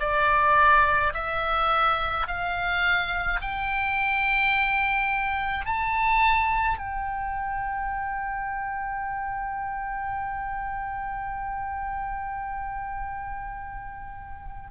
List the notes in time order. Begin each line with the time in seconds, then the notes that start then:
0.00 D5
1.13 E5
2.27 F5
3.41 G5
5.66 A5
6.78 G5